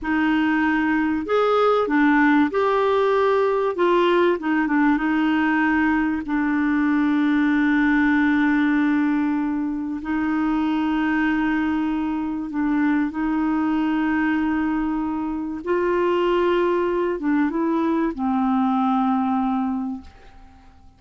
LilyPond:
\new Staff \with { instrumentName = "clarinet" } { \time 4/4 \tempo 4 = 96 dis'2 gis'4 d'4 | g'2 f'4 dis'8 d'8 | dis'2 d'2~ | d'1 |
dis'1 | d'4 dis'2.~ | dis'4 f'2~ f'8 d'8 | e'4 c'2. | }